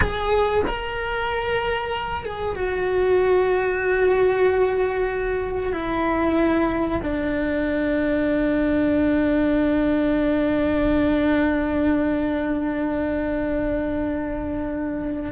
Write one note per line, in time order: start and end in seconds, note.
0.00 0.62 G#4
0.67 2.25 A#4
2.25 2.55 G#4
2.55 5.72 F#4
5.72 7.00 E4
7.02 15.32 D4